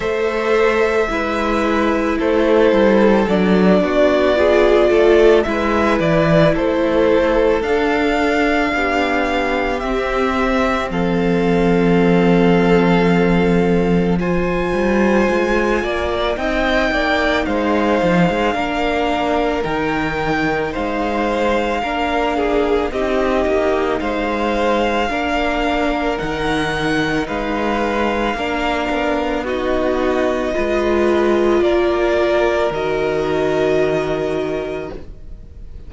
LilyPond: <<
  \new Staff \with { instrumentName = "violin" } { \time 4/4 \tempo 4 = 55 e''2 c''4 d''4~ | d''4 e''8 d''8 c''4 f''4~ | f''4 e''4 f''2~ | f''4 gis''2 g''4 |
f''2 g''4 f''4~ | f''4 dis''4 f''2 | fis''4 f''2 dis''4~ | dis''4 d''4 dis''2 | }
  \new Staff \with { instrumentName = "violin" } { \time 4/4 c''4 b'4 a'4. fis'8 | gis'8 a'8 b'4 a'2 | g'2 a'2~ | a'4 c''4. d''8 dis''8 d''8 |
c''4 ais'2 c''4 | ais'8 gis'8 g'4 c''4 ais'4~ | ais'4 b'4 ais'4 fis'4 | b'4 ais'2. | }
  \new Staff \with { instrumentName = "viola" } { \time 4/4 a'4 e'2 d'4 | f'4 e'2 d'4~ | d'4 c'2.~ | c'4 f'2 dis'4~ |
dis'4 d'4 dis'2 | d'4 dis'2 d'4 | dis'2 d'4 dis'4 | f'2 fis'2 | }
  \new Staff \with { instrumentName = "cello" } { \time 4/4 a4 gis4 a8 g8 fis8 b8~ | b8 a8 gis8 e8 a4 d'4 | b4 c'4 f2~ | f4. g8 gis8 ais8 c'8 ais8 |
gis8 f16 gis16 ais4 dis4 gis4 | ais4 c'8 ais8 gis4 ais4 | dis4 gis4 ais8 b4. | gis4 ais4 dis2 | }
>>